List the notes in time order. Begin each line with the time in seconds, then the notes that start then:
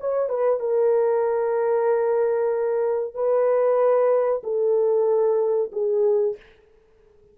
0.00 C#5
0.29 B4
0.60 A#4
3.14 B4
4.43 A4
5.72 G#4